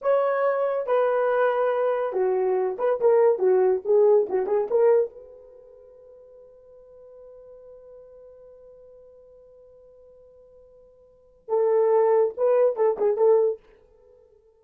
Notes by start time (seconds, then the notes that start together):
0.01 C#5
0.86 B4
2.12 F#4
2.78 B4
3.00 A#4
3.38 F#4
3.85 G#4
4.29 F#4
4.46 G#4
4.70 A#4
5.10 B4
11.48 A4
12.37 B4
12.76 A4
12.97 G#4
13.16 A4